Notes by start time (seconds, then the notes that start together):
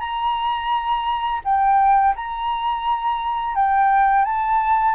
0.00 A#5
1.45 G5
2.16 A#5
3.55 G5
4.25 A5